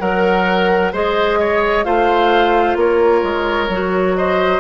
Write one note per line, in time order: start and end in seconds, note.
0.00 0.93 F#3
0.00 0.93 A#4
0.00 0.94 A#4
0.00 0.92 F#5
0.93 1.86 G#3
0.93 1.85 G#4
0.93 1.39 C5
0.93 1.84 D#5
1.40 1.86 C#5
1.84 2.76 A3
1.84 3.70 F4
1.84 2.78 C5
1.84 2.77 F5
2.76 3.22 A#3
2.76 4.18 A#4
2.76 4.17 C#5
3.23 3.69 G#3
3.69 4.60 F#3
3.69 4.60 F#4
4.17 4.60 C5
4.17 4.60 D#5